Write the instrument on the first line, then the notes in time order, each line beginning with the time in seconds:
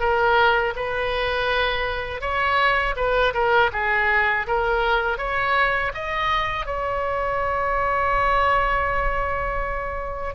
oboe
0.00 A#4
0.76 B4
2.21 C#5
2.96 B4
3.34 A#4
3.72 G#4
4.47 A#4
5.18 C#5
5.94 D#5
6.66 C#5